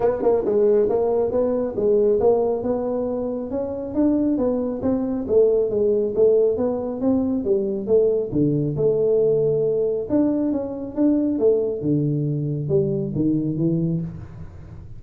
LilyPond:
\new Staff \with { instrumentName = "tuba" } { \time 4/4 \tempo 4 = 137 b8 ais8 gis4 ais4 b4 | gis4 ais4 b2 | cis'4 d'4 b4 c'4 | a4 gis4 a4 b4 |
c'4 g4 a4 d4 | a2. d'4 | cis'4 d'4 a4 d4~ | d4 g4 dis4 e4 | }